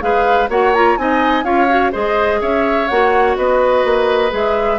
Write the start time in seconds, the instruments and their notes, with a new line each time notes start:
0.00 bassoon G#3, clarinet G#4, oboe B4, flute F5
0.49 bassoon A#3, clarinet F#4, oboe C#5, flute F#5
0.74 clarinet F4, flute A#5
0.97 bassoon C4, clarinet D#4, oboe D#5, flute G#5
1.44 bassoon C#4, clarinet F4, oboe C#5, flute F5
1.69 clarinet F#4
1.92 bassoon G#3, clarinet G#4, oboe C5, flute D#5
2.41 bassoon C#4, oboe C#5, flute E5
2.88 bassoon A#3, clarinet F#4, flute F#5
3.36 bassoon B3, oboe B4, flute D#5
3.84 bassoon A#3
4.30 bassoon G#3, clarinet G#4, flute E5